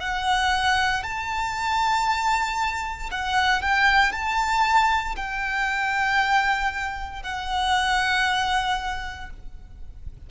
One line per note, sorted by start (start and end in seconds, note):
0.00 1.03 F#5
1.03 3.10 A5
3.11 3.62 F#5
3.62 4.12 G5
4.12 5.16 A5
5.16 7.23 G5
7.23 9.30 F#5